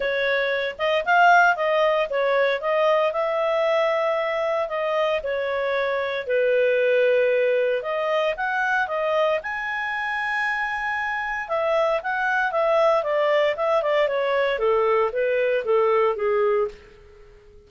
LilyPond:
\new Staff \with { instrumentName = "clarinet" } { \time 4/4 \tempo 4 = 115 cis''4. dis''8 f''4 dis''4 | cis''4 dis''4 e''2~ | e''4 dis''4 cis''2 | b'2. dis''4 |
fis''4 dis''4 gis''2~ | gis''2 e''4 fis''4 | e''4 d''4 e''8 d''8 cis''4 | a'4 b'4 a'4 gis'4 | }